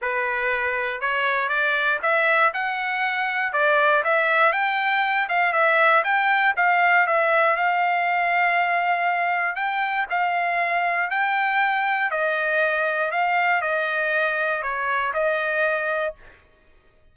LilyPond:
\new Staff \with { instrumentName = "trumpet" } { \time 4/4 \tempo 4 = 119 b'2 cis''4 d''4 | e''4 fis''2 d''4 | e''4 g''4. f''8 e''4 | g''4 f''4 e''4 f''4~ |
f''2. g''4 | f''2 g''2 | dis''2 f''4 dis''4~ | dis''4 cis''4 dis''2 | }